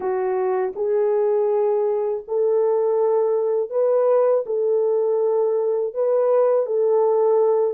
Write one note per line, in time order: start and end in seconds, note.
0.00 0.73 F#4
0.75 2.23 G#4
2.27 3.70 A4
3.70 4.44 B4
4.46 5.94 A4
5.94 6.65 B4
6.65 7.74 A4